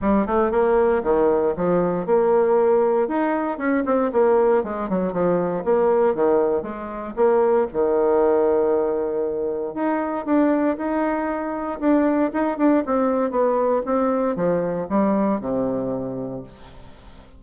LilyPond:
\new Staff \with { instrumentName = "bassoon" } { \time 4/4 \tempo 4 = 117 g8 a8 ais4 dis4 f4 | ais2 dis'4 cis'8 c'8 | ais4 gis8 fis8 f4 ais4 | dis4 gis4 ais4 dis4~ |
dis2. dis'4 | d'4 dis'2 d'4 | dis'8 d'8 c'4 b4 c'4 | f4 g4 c2 | }